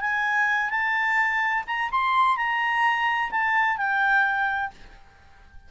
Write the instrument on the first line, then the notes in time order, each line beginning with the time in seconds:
clarinet
0.00 G#5
0.70 A5
1.66 A#5
1.91 C6
2.37 A#5
3.30 A5
3.77 G5